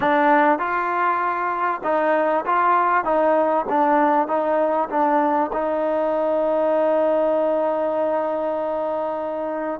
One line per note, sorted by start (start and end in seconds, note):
0.00 0.58 D4
0.58 1.81 F4
1.83 2.44 D#4
2.45 3.04 F4
3.04 3.65 D#4
3.69 4.27 D4
4.27 4.88 D#4
4.89 5.50 D4
5.52 9.80 D#4